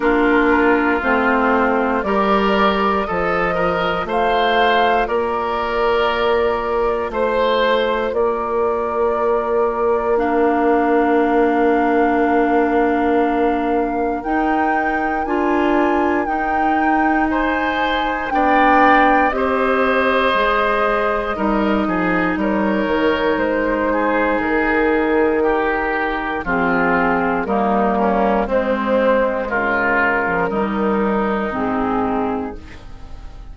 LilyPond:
<<
  \new Staff \with { instrumentName = "flute" } { \time 4/4 \tempo 4 = 59 ais'4 c''4 d''4 dis''4 | f''4 d''2 c''4 | d''2 f''2~ | f''2 g''4 gis''4 |
g''4 gis''4 g''4 dis''4~ | dis''2 cis''4 c''4 | ais'2 gis'4 ais'4 | c''4 ais'2 gis'4 | }
  \new Staff \with { instrumentName = "oboe" } { \time 4/4 f'2 ais'4 a'8 ais'8 | c''4 ais'2 c''4 | ais'1~ | ais'1~ |
ais'4 c''4 d''4 c''4~ | c''4 ais'8 gis'8 ais'4. gis'8~ | gis'4 g'4 f'4 dis'8 cis'8 | c'4 f'4 dis'2 | }
  \new Staff \with { instrumentName = "clarinet" } { \time 4/4 d'4 c'4 g'4 f'4~ | f'1~ | f'2 d'2~ | d'2 dis'4 f'4 |
dis'2 d'4 g'4 | gis'4 dis'2.~ | dis'2 c'4 ais4 | gis4.~ gis16 f16 g4 c'4 | }
  \new Staff \with { instrumentName = "bassoon" } { \time 4/4 ais4 a4 g4 f4 | a4 ais2 a4 | ais1~ | ais2 dis'4 d'4 |
dis'2 b4 c'4 | gis4 g8 f8 g8 dis8 gis4 | dis2 f4 g4 | gis4 cis4 dis4 gis,4 | }
>>